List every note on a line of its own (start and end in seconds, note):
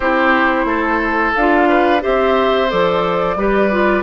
0.00 0.64 C4
0.00 1.36 E4
0.00 0.65 G4
0.00 1.33 C5
0.64 1.32 A3
0.64 1.68 A4
1.35 2.03 D4
1.35 2.00 F4
1.35 2.02 F5
1.68 2.02 B4
2.00 2.72 C4
2.00 2.67 G4
2.00 3.37 C5
2.00 2.70 E5
2.69 3.36 F3
2.69 3.36 A4
2.69 4.03 D5
3.36 4.03 G3
3.36 3.70 G4
3.36 4.03 B4
3.70 4.03 F4